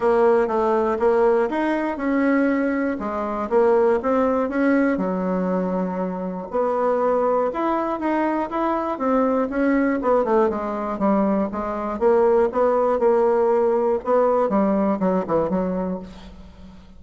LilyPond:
\new Staff \with { instrumentName = "bassoon" } { \time 4/4 \tempo 4 = 120 ais4 a4 ais4 dis'4 | cis'2 gis4 ais4 | c'4 cis'4 fis2~ | fis4 b2 e'4 |
dis'4 e'4 c'4 cis'4 | b8 a8 gis4 g4 gis4 | ais4 b4 ais2 | b4 g4 fis8 e8 fis4 | }